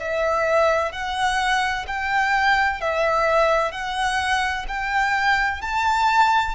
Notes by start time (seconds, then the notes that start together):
0.00 E5
0.92 F#5
1.87 G5
2.81 E5
3.72 F#5
4.68 G5
5.62 A5